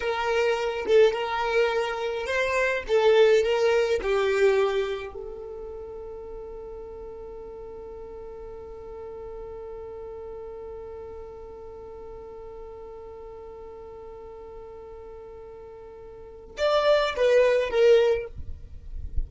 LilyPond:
\new Staff \with { instrumentName = "violin" } { \time 4/4 \tempo 4 = 105 ais'4. a'8 ais'2 | c''4 a'4 ais'4 g'4~ | g'4 a'2.~ | a'1~ |
a'1~ | a'1~ | a'1~ | a'4 d''4 b'4 ais'4 | }